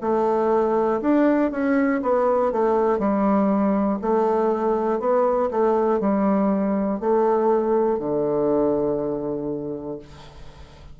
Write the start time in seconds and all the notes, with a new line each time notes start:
0.00 A3
1.01 D4
1.50 C#4
2.02 B3
2.52 A3
2.99 G3
4.01 A3
4.99 B3
5.50 A3
6.00 G3
7.00 A3
7.99 D3